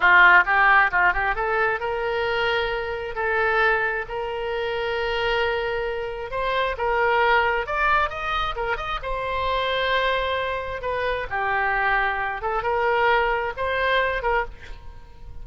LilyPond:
\new Staff \with { instrumentName = "oboe" } { \time 4/4 \tempo 4 = 133 f'4 g'4 f'8 g'8 a'4 | ais'2. a'4~ | a'4 ais'2.~ | ais'2 c''4 ais'4~ |
ais'4 d''4 dis''4 ais'8 dis''8 | c''1 | b'4 g'2~ g'8 a'8 | ais'2 c''4. ais'8 | }